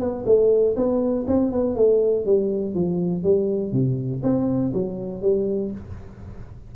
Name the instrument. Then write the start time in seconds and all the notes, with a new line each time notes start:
tuba
0.00 B3
0.26 A3
0.76 B3
1.28 C4
1.52 B3
1.76 A3
2.26 G3
2.75 F3
3.24 G3
3.73 C3
4.23 C4
4.74 F#3
5.22 G3